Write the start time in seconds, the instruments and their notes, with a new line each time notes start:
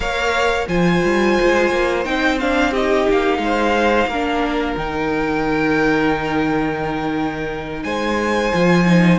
0.00 cello A#3, viola A#4, violin C#5 F5
0.68 cello F3, viola F4, violin C5 G#5
1.04 cello G3
1.41 cello G#3
1.71 cello A#3
2.04 cello C4, viola D#4, violin G5
2.39 viola D4, violin F5
2.70 viola D#4, violin G4 D#5
3.09 cello A#3, violin F5
3.37 cello G#3
3.44 violin C5
4.06 cello A#3, viola D4, violin A#4
4.76 cello D#3, viola D#4, violin G5
7.83 cello G#3, violin C5 G#5
8.52 cello F3, viola F4
8.86 viola D#4